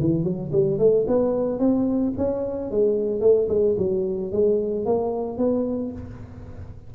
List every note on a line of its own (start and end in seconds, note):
0.00 0.24 E3
0.24 0.51 F#3
0.52 0.78 G3
0.78 1.05 A3
1.07 1.59 B3
1.59 2.13 C4
2.17 2.71 C#4
2.71 3.20 G#3
3.20 3.47 A3
3.48 3.75 G#3
3.78 4.31 F#3
4.31 4.85 G#3
4.85 5.37 A#3
5.37 5.91 B3